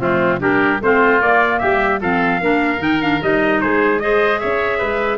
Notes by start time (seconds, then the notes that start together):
0.00 F3 A3 C4 F4
0.40 G3 D4 G4 A#4
0.81 A3 C4 F4 C5
1.21 A#3 D5
1.59 G3 G4 E5
2.01 F3 C4 A4 F5
2.41 A#3 D4 A#4
2.78 D#3 D#4 G5
3.01 D4 F5
3.21 G3 D#4 D#5
3.61 G#3 G#4 C5
4.00 G#4 C5 D#5
4.39 C#4 C#5 E5
4.78 G#3 B4